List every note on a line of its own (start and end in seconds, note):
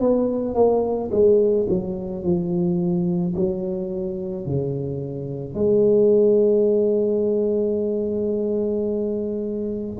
0.00 0.55 B3
0.55 1.10 A#3
1.11 1.67 G#3
1.69 2.23 F#3
2.23 3.34 F3
3.35 4.45 F#3
4.45 5.55 C#3
5.55 9.99 G#3